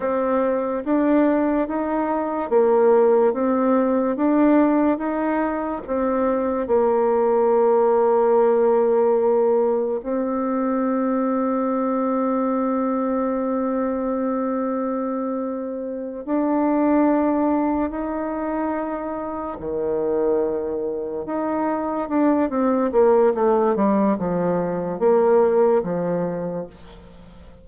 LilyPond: \new Staff \with { instrumentName = "bassoon" } { \time 4/4 \tempo 4 = 72 c'4 d'4 dis'4 ais4 | c'4 d'4 dis'4 c'4 | ais1 | c'1~ |
c'2.~ c'8 d'8~ | d'4. dis'2 dis8~ | dis4. dis'4 d'8 c'8 ais8 | a8 g8 f4 ais4 f4 | }